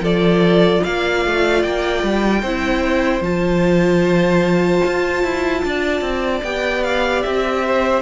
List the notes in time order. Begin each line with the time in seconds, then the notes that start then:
0.00 F3 F4 A4 D5
0.83 A#3 D5 F5
1.26 A3
1.63 A#3 G5
2.03 G3
2.42 C4 E4 C5
3.21 F3 F4 A5
4.86 F4
5.24 E4
5.65 D4 D5
6.01 C4
6.44 B3 G4 G5
6.84 F5
7.23 C4 E5
7.67 C5